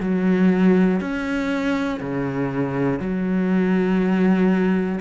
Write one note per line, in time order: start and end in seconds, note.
0.00 1.00 F#3
1.00 2.00 C#4
2.00 2.99 C#3
2.99 4.99 F#3